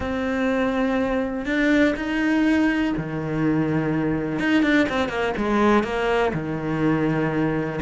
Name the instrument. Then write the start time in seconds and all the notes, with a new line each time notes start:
cello
0.00 C4
1.45 D4
1.96 D#4
2.97 D#3
4.39 D#4
4.63 D4
4.89 C4
5.09 A#3
5.37 G#3
5.83 A#3
6.33 D#3